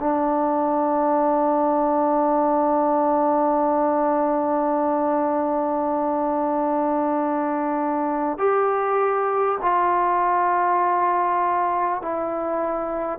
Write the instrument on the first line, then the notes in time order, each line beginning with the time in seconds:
trombone
0.00 D4
8.38 G4
9.62 F4
12.02 E4